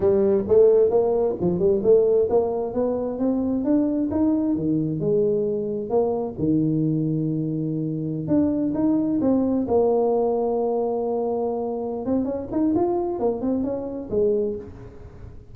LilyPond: \new Staff \with { instrumentName = "tuba" } { \time 4/4 \tempo 4 = 132 g4 a4 ais4 f8 g8 | a4 ais4 b4 c'4 | d'4 dis'4 dis4 gis4~ | gis4 ais4 dis2~ |
dis2~ dis16 d'4 dis'8.~ | dis'16 c'4 ais2~ ais8.~ | ais2~ ais8 c'8 cis'8 dis'8 | f'4 ais8 c'8 cis'4 gis4 | }